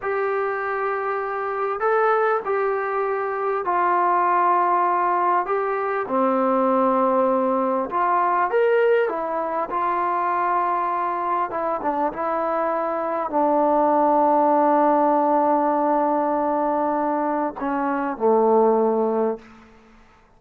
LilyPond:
\new Staff \with { instrumentName = "trombone" } { \time 4/4 \tempo 4 = 99 g'2. a'4 | g'2 f'2~ | f'4 g'4 c'2~ | c'4 f'4 ais'4 e'4 |
f'2. e'8 d'8 | e'2 d'2~ | d'1~ | d'4 cis'4 a2 | }